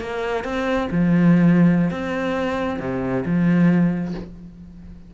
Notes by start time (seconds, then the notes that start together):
0.00 A#3
0.44 C4
0.91 F3
1.90 C4
2.79 C3
3.25 F3